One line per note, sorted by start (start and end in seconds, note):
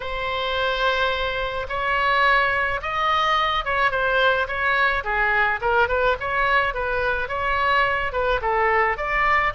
0.00 1.67 C5
1.68 2.80 C#5
2.82 3.64 D#5
3.64 3.91 C#5
3.91 4.47 C5
4.47 5.03 C#5
5.03 5.59 G#4
5.61 5.88 A#4
5.88 6.16 B4
6.20 6.74 C#5
6.74 7.28 B4
7.28 8.12 C#5
8.12 8.40 B4
8.41 8.97 A4
8.97 9.53 D5